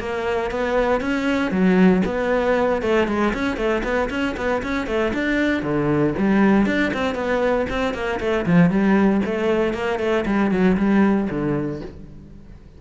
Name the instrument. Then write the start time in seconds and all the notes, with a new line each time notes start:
cello
0.00 A#3
0.52 B3
1.01 C#4
1.52 F#3
2.06 B3
2.83 A3
3.08 G#3
3.34 C#4
3.57 A3
3.84 B3
4.10 C#4
4.37 B3
4.63 C#4
4.87 A3
5.14 D4
5.63 D3
6.18 G3
6.67 D4
6.94 C4
7.16 B3
7.70 C4
7.95 A#3
8.21 A3
8.46 F3
8.70 G3
9.26 A3
9.74 A#3
10.00 A3
10.26 G3
10.52 F#3
10.78 G3
11.31 D3